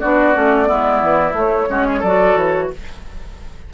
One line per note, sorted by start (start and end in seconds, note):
0.00 0.36 B3
0.00 0.34 D4
0.00 0.68 F#4
0.00 1.35 D5
0.34 0.69 A3
0.34 0.66 C#4
0.66 1.02 G#3
0.66 1.33 B3
0.66 1.69 E4
1.02 1.33 E3
1.33 1.67 A3
1.33 2.03 C#5
1.69 2.03 G#3
1.69 2.03 C#4
1.69 1.87 F#4
1.87 1.99 G#4
1.99 2.35 F#3
1.99 2.67 A4
1.99 2.37 D5
2.06 2.73 F#4
2.35 2.69 E3
2.35 2.71 C#5